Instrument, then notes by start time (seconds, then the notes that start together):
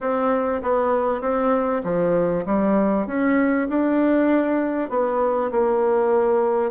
bassoon
0.00 C4
0.62 B3
1.21 C4
1.83 F3
2.45 G3
3.06 C#4
3.69 D4
4.89 B3
5.51 A#3